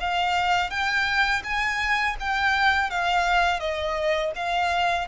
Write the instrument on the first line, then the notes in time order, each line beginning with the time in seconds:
violin
0.00 F5
0.70 G5
1.44 G#5
2.19 G5
2.90 F5
3.59 D#5
4.35 F5